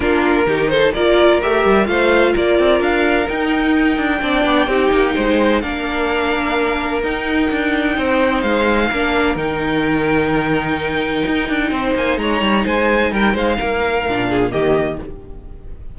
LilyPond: <<
  \new Staff \with { instrumentName = "violin" } { \time 4/4 \tempo 4 = 128 ais'4. c''8 d''4 e''4 | f''4 d''4 f''4 g''4~ | g''1 | f''2. g''4~ |
g''2 f''2 | g''1~ | g''4. gis''8 ais''4 gis''4 | g''8 f''2~ f''8 dis''4 | }
  \new Staff \with { instrumentName = "violin" } { \time 4/4 f'4 g'8 a'8 ais'2 | c''4 ais'2.~ | ais'4 d''4 g'4 c''4 | ais'1~ |
ais'4 c''2 ais'4~ | ais'1~ | ais'4 c''4 cis''4 c''4 | ais'8 c''8 ais'4. gis'8 g'4 | }
  \new Staff \with { instrumentName = "viola" } { \time 4/4 d'4 dis'4 f'4 g'4 | f'2. dis'4~ | dis'4 d'4 dis'2 | d'2. dis'4~ |
dis'2. d'4 | dis'1~ | dis'1~ | dis'2 d'4 ais4 | }
  \new Staff \with { instrumentName = "cello" } { \time 4/4 ais4 dis4 ais4 a8 g8 | a4 ais8 c'8 d'4 dis'4~ | dis'8 d'8 c'8 b8 c'8 ais8 gis4 | ais2. dis'4 |
d'4 c'4 gis4 ais4 | dis1 | dis'8 d'8 c'8 ais8 gis8 g8 gis4 | g8 gis8 ais4 ais,4 dis4 | }
>>